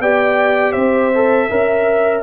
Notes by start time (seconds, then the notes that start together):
0.00 B3 G4 D5 G5
0.72 C4 C5 E5
1.14 A4
1.51 C#4 A#4 E5